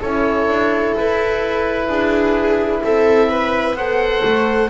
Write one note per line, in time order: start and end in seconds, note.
0.00 0.47 C#4
0.00 3.77 E4
0.00 1.88 A4
0.00 0.95 C#5
0.47 0.94 D4
0.96 1.88 E4
0.96 2.84 B4
1.88 2.82 D4
1.88 2.82 G#4
2.83 3.75 C4
2.83 3.29 A4
2.83 3.76 E5
3.29 3.75 B4
3.75 4.21 B3
3.75 4.70 A4
3.75 4.69 C5
3.75 4.70 F#5
4.24 4.70 A3